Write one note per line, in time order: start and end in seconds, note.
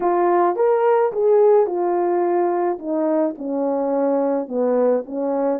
0.00 0.56 F4
0.56 1.12 A#4
1.12 1.66 G#4
1.66 2.78 F4
2.79 3.35 D#4
3.37 4.47 C#4
4.47 5.03 B3
5.05 5.60 C#4